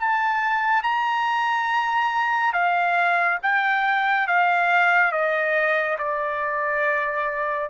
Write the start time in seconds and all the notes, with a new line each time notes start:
0.00 A5
0.83 A#5
2.53 F5
3.43 G5
4.28 F5
5.12 D#5
5.99 D5